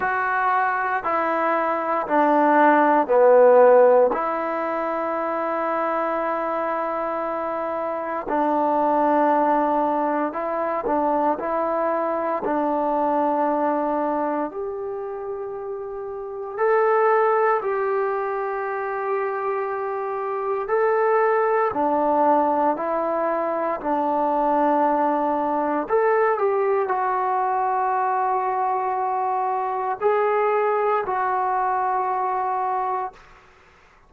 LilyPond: \new Staff \with { instrumentName = "trombone" } { \time 4/4 \tempo 4 = 58 fis'4 e'4 d'4 b4 | e'1 | d'2 e'8 d'8 e'4 | d'2 g'2 |
a'4 g'2. | a'4 d'4 e'4 d'4~ | d'4 a'8 g'8 fis'2~ | fis'4 gis'4 fis'2 | }